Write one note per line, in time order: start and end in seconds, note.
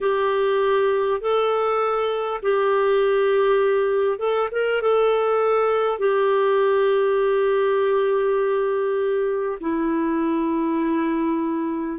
0.01 1.20 G4
1.20 2.40 A4
2.42 4.18 G4
4.18 4.48 A4
4.51 4.81 A#4
4.81 5.98 A4
5.98 9.58 G4
9.60 11.99 E4